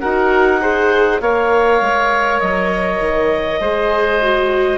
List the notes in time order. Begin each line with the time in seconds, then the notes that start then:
0.00 D#4 F#4 A#4 F#5
0.60 G#4 C5
1.21 A#3 A#4 C#5 F5
1.81 G#3
2.40 F#3 D#5
3.00 D#3
3.60 G#3 G#4 C5
4.21 F#4